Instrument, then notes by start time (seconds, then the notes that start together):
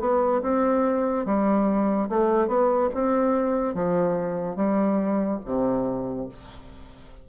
bassoon
0.00 B3
0.42 C4
1.25 G3
2.09 A3
2.47 B3
2.94 C4
3.75 F3
4.56 G3
5.45 C3